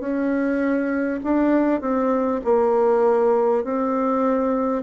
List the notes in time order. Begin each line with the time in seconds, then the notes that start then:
0.00 C#4
1.23 D4
1.81 C4
2.44 A#3
3.64 C4